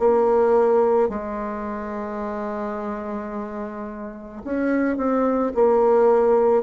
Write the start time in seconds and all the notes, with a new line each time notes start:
0.00 A#3
1.09 G#3
4.44 C#4
4.97 C4
5.55 A#3